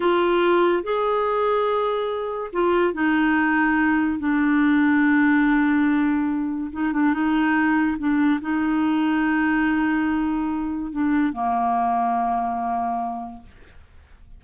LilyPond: \new Staff \with { instrumentName = "clarinet" } { \time 4/4 \tempo 4 = 143 f'2 gis'2~ | gis'2 f'4 dis'4~ | dis'2 d'2~ | d'1 |
dis'8 d'8 dis'2 d'4 | dis'1~ | dis'2 d'4 ais4~ | ais1 | }